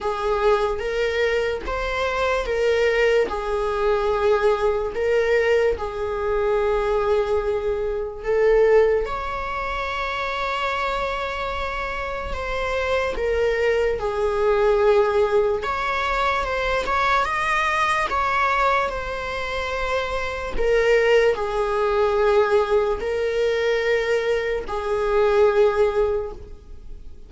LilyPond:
\new Staff \with { instrumentName = "viola" } { \time 4/4 \tempo 4 = 73 gis'4 ais'4 c''4 ais'4 | gis'2 ais'4 gis'4~ | gis'2 a'4 cis''4~ | cis''2. c''4 |
ais'4 gis'2 cis''4 | c''8 cis''8 dis''4 cis''4 c''4~ | c''4 ais'4 gis'2 | ais'2 gis'2 | }